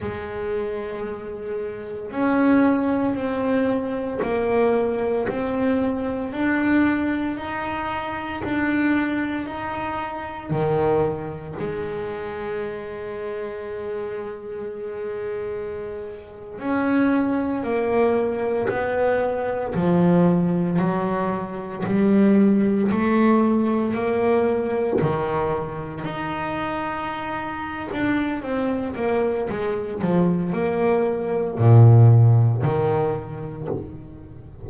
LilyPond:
\new Staff \with { instrumentName = "double bass" } { \time 4/4 \tempo 4 = 57 gis2 cis'4 c'4 | ais4 c'4 d'4 dis'4 | d'4 dis'4 dis4 gis4~ | gis2.~ gis8. cis'16~ |
cis'8. ais4 b4 f4 fis16~ | fis8. g4 a4 ais4 dis16~ | dis8. dis'4.~ dis'16 d'8 c'8 ais8 | gis8 f8 ais4 ais,4 dis4 | }